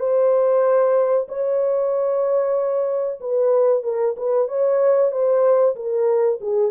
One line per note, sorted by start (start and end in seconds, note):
0.00 1.28 C5
1.29 3.20 C#5
3.21 3.84 B4
3.84 4.15 A#4
4.17 4.49 B4
4.49 5.12 C#5
5.12 5.76 C5
5.76 6.40 A#4
6.41 6.72 G#4